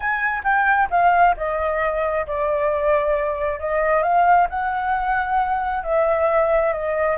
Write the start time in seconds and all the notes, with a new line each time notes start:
0.00 G#5
0.43 G5
0.90 F5
1.37 D#5
2.27 D5
3.59 D#5
4.02 F5
4.49 F#5
5.83 E5
6.72 D#5